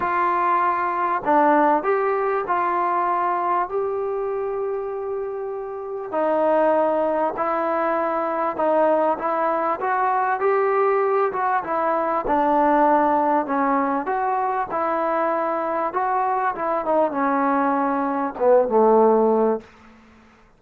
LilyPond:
\new Staff \with { instrumentName = "trombone" } { \time 4/4 \tempo 4 = 98 f'2 d'4 g'4 | f'2 g'2~ | g'2 dis'2 | e'2 dis'4 e'4 |
fis'4 g'4. fis'8 e'4 | d'2 cis'4 fis'4 | e'2 fis'4 e'8 dis'8 | cis'2 b8 a4. | }